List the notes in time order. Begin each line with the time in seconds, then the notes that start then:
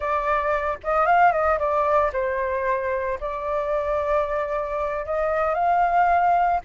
0.00 D5
0.83 D#5
1.05 F5
1.31 D#5
1.58 D5
2.12 C5
3.20 D5
5.05 D#5
5.54 F5